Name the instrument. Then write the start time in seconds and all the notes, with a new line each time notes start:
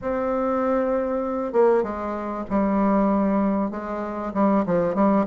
bassoon
0.01 C4
1.53 A#3
1.83 G#3
2.50 G3
3.70 G#3
4.34 G3
4.66 F3
4.95 G3